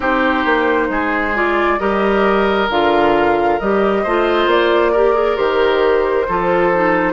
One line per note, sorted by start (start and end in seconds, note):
0.00 0.44 C4
0.00 1.33 D#4
0.00 0.87 G4
0.00 1.36 C5
0.45 0.89 A#3
0.89 1.79 G#3
0.89 1.80 G#4
1.34 1.78 F4
1.34 1.79 D5
1.78 2.69 G3
1.78 2.68 G4
1.78 4.03 A#4
1.78 2.69 D#5
2.69 3.58 D3
2.69 3.60 F4
2.69 3.59 F5
3.59 4.05 G3
3.59 4.06 G4
3.59 4.49 D#5
4.03 4.46 A3
4.03 4.94 F4
4.03 4.92 C5
4.46 5.36 A#3
4.46 5.37 D5
4.92 5.14 G4
4.92 6.26 A#4
5.14 5.36 G#4
5.36 6.27 D#3
5.36 6.25 G4
5.36 7.12 C5
6.28 7.12 F3
6.28 6.73 F4
6.28 7.12 A4
6.73 7.12 D#4